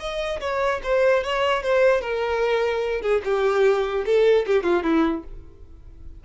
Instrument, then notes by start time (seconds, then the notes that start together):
violin
0.00 D#5
0.41 C#5
0.84 C5
1.24 C#5
1.63 C5
2.02 A#4
3.02 G#4
3.25 G4
4.06 A4
4.47 G4
4.63 F4
4.84 E4